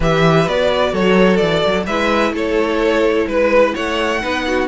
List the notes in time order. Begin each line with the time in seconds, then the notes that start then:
0.00 E3 G4 B4 E5
0.47 B3 F#4 D5
0.92 F#3 A4 C#5
1.36 E3 D5
1.66 F#3
1.86 G#3 E4 B4 E5
2.31 A3 A4 C#5
3.26 G#3 B4
3.32 B4
3.74 A3 C#5 F#5
4.21 B3 D#4 B4
4.47 F#4